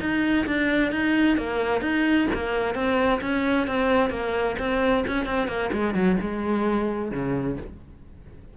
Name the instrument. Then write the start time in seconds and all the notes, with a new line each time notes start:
cello
0.00 D#4
0.46 D4
0.92 D#4
1.37 A#3
1.81 D#4
2.33 A#3
2.75 C4
3.21 C#4
3.67 C4
4.10 A#3
4.59 C4
5.07 C#4
5.25 C4
5.48 A#3
5.72 G#3
5.94 F#3
6.21 G#3
7.11 C#3